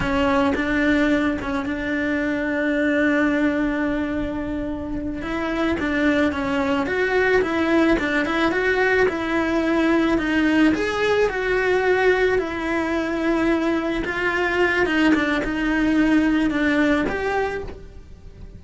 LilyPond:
\new Staff \with { instrumentName = "cello" } { \time 4/4 \tempo 4 = 109 cis'4 d'4. cis'8 d'4~ | d'1~ | d'4. e'4 d'4 cis'8~ | cis'8 fis'4 e'4 d'8 e'8 fis'8~ |
fis'8 e'2 dis'4 gis'8~ | gis'8 fis'2 e'4.~ | e'4. f'4. dis'8 d'8 | dis'2 d'4 g'4 | }